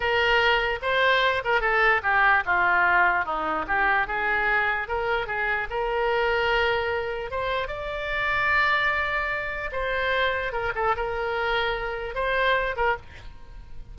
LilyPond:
\new Staff \with { instrumentName = "oboe" } { \time 4/4 \tempo 4 = 148 ais'2 c''4. ais'8 | a'4 g'4 f'2 | dis'4 g'4 gis'2 | ais'4 gis'4 ais'2~ |
ais'2 c''4 d''4~ | d''1 | c''2 ais'8 a'8 ais'4~ | ais'2 c''4. ais'8 | }